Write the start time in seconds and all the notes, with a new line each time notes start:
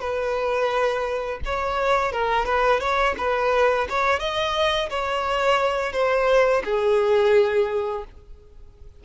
0.00 B4
1.45 C#5
2.12 A#4
2.45 B4
2.80 C#5
3.18 B4
3.89 C#5
4.20 D#5
4.90 C#5
5.93 C5
6.64 G#4